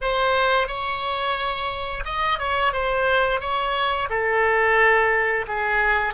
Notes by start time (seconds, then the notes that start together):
0.01 C5
0.67 C#5
2.05 D#5
2.38 C#5
2.73 C5
3.40 C#5
4.09 A4
5.47 G#4